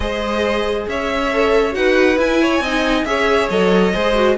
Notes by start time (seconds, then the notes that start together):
0.00 G#3 G#4 C5 D#5
0.88 C#4 C#5 E5
1.32 A4
1.72 D#4 F#4 B4 F#5
2.17 E4 G#5
2.41 C#5
2.59 C4 D#5
2.66 D#4
3.04 C#4 G#4 C#5 E5
3.49 F#3 A4 D#5
3.93 G#3 G#4 C5
4.15 F#4